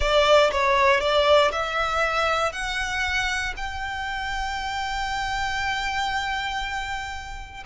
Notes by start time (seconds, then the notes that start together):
0.00 D5
0.51 C#5
1.00 D5
1.52 E5
2.52 F#5
3.56 G5